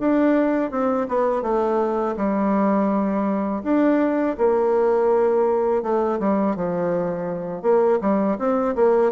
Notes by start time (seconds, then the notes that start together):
0.00 D4
0.71 C4
1.08 B3
1.43 A3
2.17 G3
3.64 D4
4.38 A#3
5.83 A3
6.20 G3
6.56 F3
7.63 A#3
8.01 G3
8.39 C4
8.76 A#3